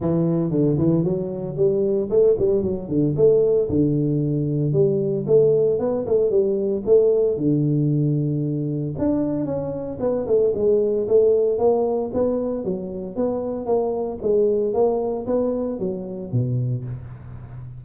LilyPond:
\new Staff \with { instrumentName = "tuba" } { \time 4/4 \tempo 4 = 114 e4 d8 e8 fis4 g4 | a8 g8 fis8 d8 a4 d4~ | d4 g4 a4 b8 a8 | g4 a4 d2~ |
d4 d'4 cis'4 b8 a8 | gis4 a4 ais4 b4 | fis4 b4 ais4 gis4 | ais4 b4 fis4 b,4 | }